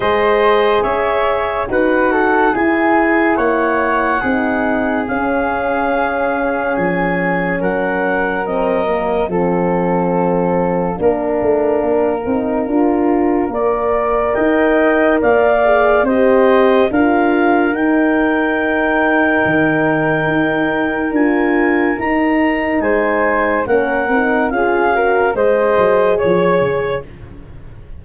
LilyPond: <<
  \new Staff \with { instrumentName = "clarinet" } { \time 4/4 \tempo 4 = 71 dis''4 e''4 fis''4 gis''4 | fis''2 f''2 | gis''4 fis''4 dis''4 f''4~ | f''1~ |
f''4 g''4 f''4 dis''4 | f''4 g''2.~ | g''4 gis''4 ais''4 gis''4 | fis''4 f''4 dis''4 cis''4 | }
  \new Staff \with { instrumentName = "flute" } { \time 4/4 c''4 cis''4 b'8 a'8 gis'4 | cis''4 gis'2.~ | gis'4 ais'2 a'4~ | a'4 ais'2. |
d''4 dis''4 d''4 c''4 | ais'1~ | ais'2. c''4 | ais'4 gis'8 ais'8 c''4 cis''4 | }
  \new Staff \with { instrumentName = "horn" } { \time 4/4 gis'2 fis'4 e'4~ | e'4 dis'4 cis'2~ | cis'2 c'8 ais8 c'4~ | c'4 d'4. dis'8 f'4 |
ais'2~ ais'8 gis'8 g'4 | f'4 dis'2.~ | dis'4 f'4 dis'2 | cis'8 dis'8 f'8 fis'8 gis'2 | }
  \new Staff \with { instrumentName = "tuba" } { \time 4/4 gis4 cis'4 dis'4 e'4 | ais4 c'4 cis'2 | f4 fis2 f4~ | f4 ais8 a8 ais8 c'8 d'4 |
ais4 dis'4 ais4 c'4 | d'4 dis'2 dis4 | dis'4 d'4 dis'4 gis4 | ais8 c'8 cis'4 gis8 fis8 f8 cis8 | }
>>